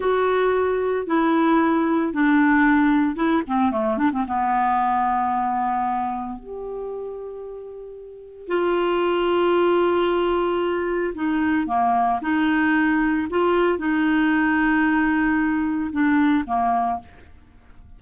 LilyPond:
\new Staff \with { instrumentName = "clarinet" } { \time 4/4 \tempo 4 = 113 fis'2 e'2 | d'2 e'8 c'8 a8 d'16 c'16 | b1 | g'1 |
f'1~ | f'4 dis'4 ais4 dis'4~ | dis'4 f'4 dis'2~ | dis'2 d'4 ais4 | }